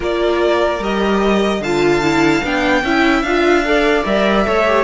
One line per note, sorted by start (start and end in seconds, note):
0.00 0.79 A#3
0.00 0.80 F4
0.00 1.61 A#4
0.00 0.83 D5
0.79 1.60 G3
0.79 1.63 G4
0.79 1.63 D#5
1.60 2.41 D3
1.60 2.02 F4
1.60 2.83 F5
1.60 2.44 A5
2.02 2.43 E4
2.43 2.83 B3
2.43 2.84 D4
2.43 3.22 G5
2.83 3.22 C#4
2.83 3.25 E4
2.83 3.64 E5
3.22 4.03 D4
3.22 3.64 F4
3.22 4.03 F5
3.64 4.05 A4
3.64 4.47 D5
4.05 4.45 G3
4.05 4.45 A#4
4.05 4.83 E5
4.45 4.83 A3
4.45 4.65 A4
4.45 4.83 C#5
4.65 4.83 G4